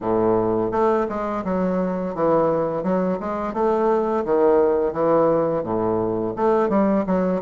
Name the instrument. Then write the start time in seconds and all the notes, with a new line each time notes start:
bassoon
0.01 A2
0.71 A3
1.08 G#3
1.44 F#3
2.14 E3
2.83 F#3
3.20 G#3
3.53 A3
4.24 D#3
4.93 E3
5.63 A2
6.35 A3
6.69 G3
7.06 F#3